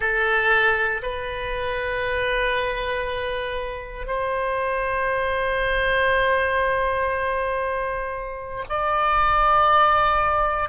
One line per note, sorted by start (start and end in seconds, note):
0.00 1.01 A4
1.02 4.07 B4
4.07 8.64 C5
8.69 10.69 D5